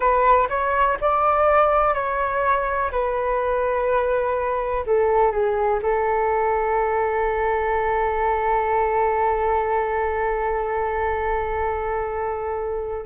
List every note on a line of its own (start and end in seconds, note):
0.00 0.48 B4
0.49 0.97 C#5
1.00 1.94 D5
1.94 2.90 C#5
2.91 4.84 B4
4.86 5.31 A4
5.31 5.79 G#4
5.82 13.05 A4